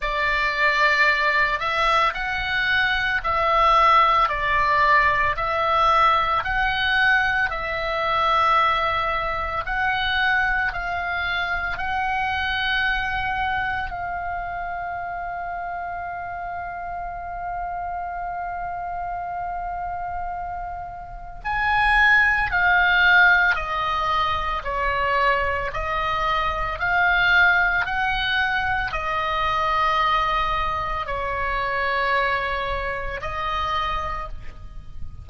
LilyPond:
\new Staff \with { instrumentName = "oboe" } { \time 4/4 \tempo 4 = 56 d''4. e''8 fis''4 e''4 | d''4 e''4 fis''4 e''4~ | e''4 fis''4 f''4 fis''4~ | fis''4 f''2.~ |
f''1 | gis''4 f''4 dis''4 cis''4 | dis''4 f''4 fis''4 dis''4~ | dis''4 cis''2 dis''4 | }